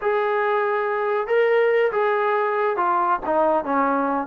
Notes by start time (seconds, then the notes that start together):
0.01 G#4
1.27 A#4
1.91 G#4
2.76 F4
3.26 D#4
3.64 C#4